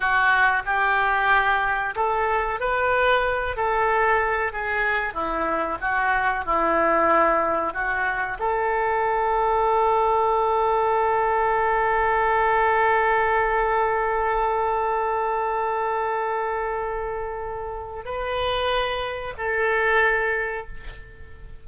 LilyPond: \new Staff \with { instrumentName = "oboe" } { \time 4/4 \tempo 4 = 93 fis'4 g'2 a'4 | b'4. a'4. gis'4 | e'4 fis'4 e'2 | fis'4 a'2.~ |
a'1~ | a'1~ | a'1 | b'2 a'2 | }